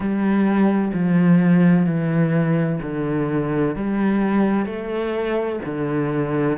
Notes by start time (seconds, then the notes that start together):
0.00 G3
0.93 F3
1.85 E3
2.82 D3
3.75 G3
4.65 A3
5.65 D3